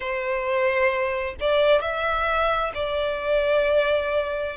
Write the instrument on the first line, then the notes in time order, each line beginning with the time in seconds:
violin
0.00 C5
1.40 D5
1.81 E5
2.74 D5